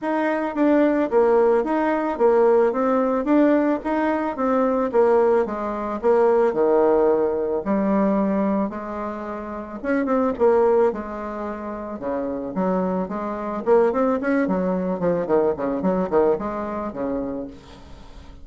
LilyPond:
\new Staff \with { instrumentName = "bassoon" } { \time 4/4 \tempo 4 = 110 dis'4 d'4 ais4 dis'4 | ais4 c'4 d'4 dis'4 | c'4 ais4 gis4 ais4 | dis2 g2 |
gis2 cis'8 c'8 ais4 | gis2 cis4 fis4 | gis4 ais8 c'8 cis'8 fis4 f8 | dis8 cis8 fis8 dis8 gis4 cis4 | }